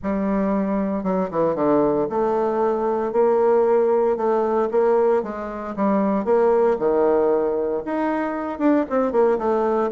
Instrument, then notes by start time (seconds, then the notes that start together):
bassoon
0.03 G3
1.03 F#3
1.30 E3
1.55 D3
2.09 A3
3.12 A#3
4.16 A3
4.71 A#3
5.22 G#3
5.75 G3
6.24 A#3
6.78 D#3
7.85 D#4
8.58 D4
8.89 C4
9.11 A#3
9.38 A3